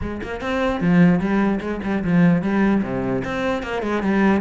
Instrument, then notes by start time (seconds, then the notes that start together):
cello
0.01 G#3
0.23 A#3
0.40 C4
0.80 F3
1.19 G3
1.60 G#3
1.83 G3
2.04 F3
2.42 G3
2.82 C3
3.24 C4
3.62 A#3
3.82 G#3
4.02 G3